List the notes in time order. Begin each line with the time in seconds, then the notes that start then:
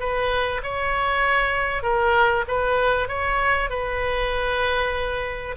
0.00 B4
0.63 C#5
1.83 A#4
2.48 B4
3.09 C#5
3.70 B4